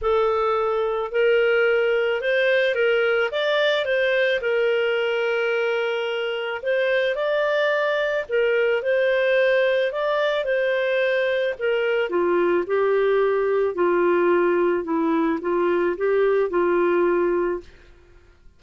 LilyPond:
\new Staff \with { instrumentName = "clarinet" } { \time 4/4 \tempo 4 = 109 a'2 ais'2 | c''4 ais'4 d''4 c''4 | ais'1 | c''4 d''2 ais'4 |
c''2 d''4 c''4~ | c''4 ais'4 f'4 g'4~ | g'4 f'2 e'4 | f'4 g'4 f'2 | }